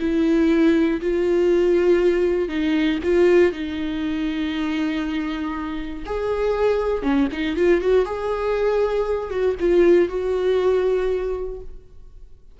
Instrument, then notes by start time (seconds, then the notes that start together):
viola
0.00 E4
1.01 F4
2.49 D#4
3.04 F4
3.52 D#4
6.06 G#4
7.03 C#4
7.32 D#4
7.56 F4
7.81 F#4
8.06 G#4
9.30 F#4
9.60 F4
10.09 F#4